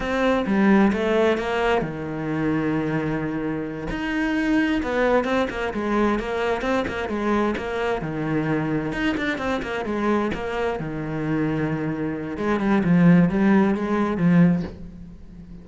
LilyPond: \new Staff \with { instrumentName = "cello" } { \time 4/4 \tempo 4 = 131 c'4 g4 a4 ais4 | dis1~ | dis8 dis'2 b4 c'8 | ais8 gis4 ais4 c'8 ais8 gis8~ |
gis8 ais4 dis2 dis'8 | d'8 c'8 ais8 gis4 ais4 dis8~ | dis2. gis8 g8 | f4 g4 gis4 f4 | }